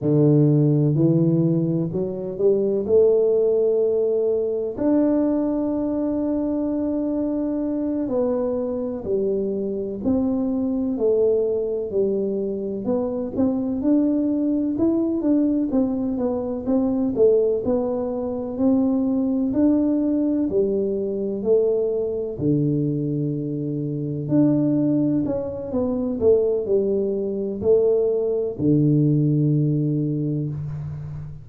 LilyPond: \new Staff \with { instrumentName = "tuba" } { \time 4/4 \tempo 4 = 63 d4 e4 fis8 g8 a4~ | a4 d'2.~ | d'8 b4 g4 c'4 a8~ | a8 g4 b8 c'8 d'4 e'8 |
d'8 c'8 b8 c'8 a8 b4 c'8~ | c'8 d'4 g4 a4 d8~ | d4. d'4 cis'8 b8 a8 | g4 a4 d2 | }